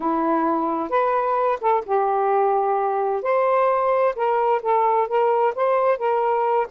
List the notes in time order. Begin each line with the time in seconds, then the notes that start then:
0.00 E4
0.89 B4
1.60 A4
1.85 G4
3.22 C5
4.15 A#4
4.62 A4
5.07 A#4
5.55 C5
5.98 A#4